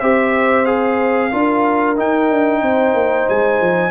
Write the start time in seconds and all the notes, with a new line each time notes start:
0.00 C4 G4 C5 E5
0.65 G#4 F5
1.31 D4 F4 A#4
1.96 D#4 G5
2.30 D4
2.61 C4 C5
2.94 A#3
3.29 G#3 G#5
3.60 F3